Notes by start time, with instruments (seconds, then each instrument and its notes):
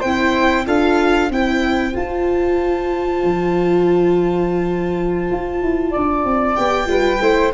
0.00 tuba C4, viola E4, flute C5, violin G5
0.66 tuba D4, viola F4, flute A4, violin F5
1.30 tuba C4, viola E4, flute C5, violin G5
1.94 viola F4, tuba F4, violin A5
3.24 tuba F3
5.31 tuba F4
5.63 tuba E4
5.91 tuba D4, flute D5
6.25 tuba C4
6.56 tuba B3, viola G4, violin G5
6.86 tuba G3, viola F4, flute B4
7.21 tuba A3, viola E4, flute C5